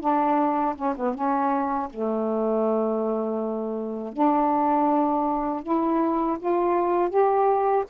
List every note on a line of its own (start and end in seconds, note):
0.00 0.75 D4
0.75 0.94 C#4
0.96 1.14 B3
1.14 1.89 C#4
1.90 4.12 A3
4.12 5.62 D4
5.62 6.38 E4
6.39 7.09 F4
7.09 7.84 G4